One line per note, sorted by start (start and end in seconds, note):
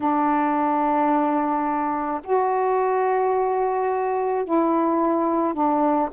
0.00 2.21 D4
2.23 4.44 F#4
4.44 5.53 E4
5.53 6.09 D4